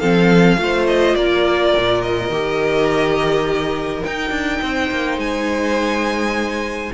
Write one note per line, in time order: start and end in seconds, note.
0.00 0.58 F3
0.00 0.58 C4
0.00 0.58 A4
0.00 0.87 F5
0.58 1.15 A3
0.58 2.31 F4
0.58 1.17 C5
0.87 1.16 D#5
1.16 1.74 A#3
1.16 4.63 A#4
1.16 2.02 D5
1.78 2.30 A#2
2.02 4.04 D#5
2.30 4.03 D#3
2.30 4.02 G4
4.02 6.91 D#4
4.02 4.30 D#4
4.02 5.20 G5
4.30 4.59 D4
4.62 4.91 C4
4.62 6.94 C5
4.91 5.18 A#3
5.18 6.91 G#3
5.18 6.93 G#5